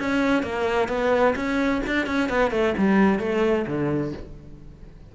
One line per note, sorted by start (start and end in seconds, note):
0.00 0.43 C#4
0.43 0.89 A#3
0.89 1.35 B3
1.36 1.82 C#4
1.87 2.07 D4
2.07 2.30 C#4
2.30 2.51 B3
2.51 2.74 A3
2.78 3.20 G3
3.20 3.66 A3
3.67 4.13 D3